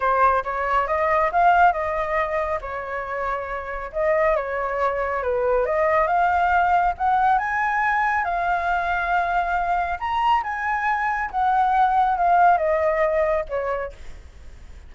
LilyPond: \new Staff \with { instrumentName = "flute" } { \time 4/4 \tempo 4 = 138 c''4 cis''4 dis''4 f''4 | dis''2 cis''2~ | cis''4 dis''4 cis''2 | b'4 dis''4 f''2 |
fis''4 gis''2 f''4~ | f''2. ais''4 | gis''2 fis''2 | f''4 dis''2 cis''4 | }